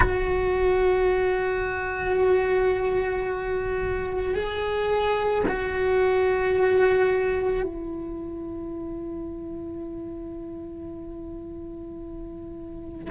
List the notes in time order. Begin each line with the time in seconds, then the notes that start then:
0.00 F#4
4.34 G#4
5.47 F#4
7.63 E4